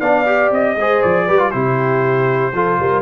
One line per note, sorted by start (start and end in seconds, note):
0.00 0.51 B3
0.00 0.26 D4
0.00 0.77 D5
0.00 0.50 F5
0.26 0.76 G4
0.51 0.76 C4
0.51 1.03 D#5
0.76 1.01 G#3
0.76 1.29 G#4
0.76 1.26 C5
1.03 1.29 F3
1.03 1.51 D5
1.26 1.54 G3
1.26 1.39 G4
1.26 1.51 B4
1.39 1.52 F4
1.51 2.54 C3
1.51 2.53 E4
1.51 2.54 G4
1.51 3.02 C5
2.54 2.79 F3
2.54 3.02 F4
2.54 2.79 A4
2.80 3.02 G3
2.80 3.02 A#4